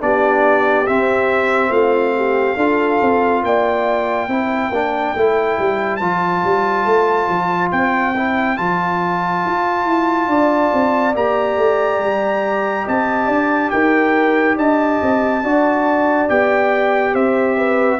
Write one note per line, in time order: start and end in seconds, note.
0.00 0.87 B3
0.00 0.86 D4
0.00 1.71 G4
0.00 0.87 D5
0.87 2.58 C4
0.87 1.69 C4
0.87 1.72 E5
1.69 2.55 A3
1.69 2.14 F4
1.69 3.43 F5
2.16 2.56 G4
2.56 2.99 D4
2.56 4.29 F4
2.56 3.42 A4
3.01 3.43 C4
3.43 4.28 A#3
3.43 4.31 D5
3.43 5.96 G5
4.28 4.70 C4
4.28 4.72 E4
4.28 10.29 C5
4.70 5.13 A#3
4.70 5.16 D4
5.15 5.58 A3
5.15 6.01 E4
5.58 6.01 G3
5.96 6.44 F3
5.96 8.15 F4
5.96 7.68 A5
6.44 6.85 G3
6.85 7.28 A3
7.29 7.71 F3
7.72 8.58 C4
7.72 8.57 G5
8.16 8.57 E4
8.57 9.44 F3
8.57 11.14 F4
8.57 11.14 A5
9.46 9.85 F4
9.85 10.27 E4
10.27 10.70 D4
10.27 12.85 D5
10.73 11.15 C4
11.14 11.57 A#3
11.14 15.43 G4
11.14 12.87 A#5
11.57 11.99 A3
11.99 12.85 G3
12.85 13.28 C4
12.85 13.27 D#5
12.85 13.70 A5
13.27 13.71 D4
13.27 13.70 D5
13.70 14.57 D#4
13.70 14.56 A#4
13.70 14.56 G5
14.56 15.00 D4
14.56 15.42 D#5
14.56 16.29 A5
15.02 15.43 C4
15.43 16.29 D4
15.43 16.29 F#4
15.43 17.13 D5
16.29 17.14 B3
16.29 17.99 G4
16.29 17.14 G5
17.13 17.99 C4
17.13 17.56 C5
17.13 17.99 E5
17.57 17.99 B4